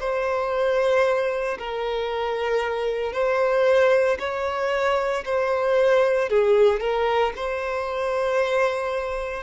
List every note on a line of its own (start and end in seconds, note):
0.00 1.58 C5
1.59 3.13 A#4
3.13 4.18 C5
4.19 5.24 C#5
5.25 6.30 C5
6.30 6.80 G#4
6.80 7.33 A#4
7.36 9.44 C5